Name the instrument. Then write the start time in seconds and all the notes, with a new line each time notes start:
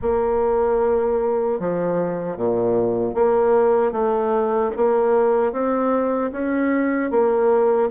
bassoon
0.01 A#3
1.59 F3
2.36 A#2
3.14 A#3
3.92 A3
4.76 A#3
5.52 C4
6.32 C#4
7.11 A#3